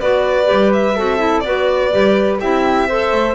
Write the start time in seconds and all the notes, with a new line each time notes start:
0.00 B3 F#4 B4 D5
0.45 G3 G4
0.73 E5
0.96 C4 F#4 A4
1.18 E4
1.40 B3 F#4 D5
1.46 B4
1.91 G3 G4
2.40 C4 E4 G4 E5
2.88 A4 C5
3.12 A3